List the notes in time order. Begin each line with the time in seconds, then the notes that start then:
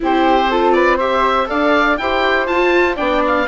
0.00 C4 E4 G4 C5
0.50 F4 A4
0.72 B4 D5
0.97 G4 C5 E5
1.46 D4 A4 D5 F5
1.97 E4 G4 C5 G5
2.46 F4 A5
2.96 B3 D4 D5 G5
3.26 F5